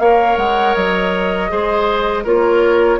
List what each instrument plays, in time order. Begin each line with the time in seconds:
0.00 bassoon A#3, clarinet A#4, oboe C#5, flute F5
0.38 bassoon G#3, flute F#5
0.75 bassoon F#3, flute D#5
1.50 bassoon G#3, clarinet G#4, oboe C5
2.24 bassoon A#3, clarinet F4, oboe A#4, flute C#5